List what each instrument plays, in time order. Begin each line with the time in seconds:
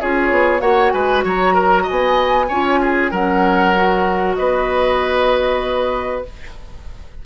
0.00 bassoon C#4, clarinet F4, oboe G#4, flute C#5
0.30 bassoon B3
0.60 bassoon A#3, clarinet F#4, oboe C#5, flute F#5
0.90 bassoon G#3, oboe B4, flute G#5
1.24 bassoon F#3, oboe C#5, flute A#5
1.54 oboe A#4
1.83 oboe D#5, flute G#5
1.90 bassoon B3
2.48 bassoon C#4, clarinet F4, oboe C#5
2.81 oboe G#4
3.11 bassoon F#3, clarinet C#4, oboe A#4, flute F#5
3.75 clarinet F#4
4.35 bassoon B3, oboe B4, flute D#5